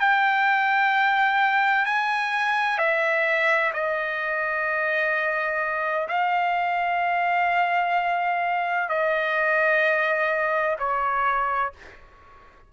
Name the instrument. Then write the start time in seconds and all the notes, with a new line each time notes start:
trumpet
0.00 G5
1.86 G#5
2.79 E5
3.74 D#5
6.09 F5
8.89 D#5
10.79 C#5